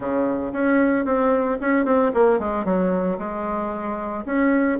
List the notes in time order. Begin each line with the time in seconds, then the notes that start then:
0.00 C#3
0.52 C#4
1.05 C4
1.60 C#4
1.85 C4
2.14 A#3
2.39 G#3
2.64 F#3
3.18 G#3
4.25 C#4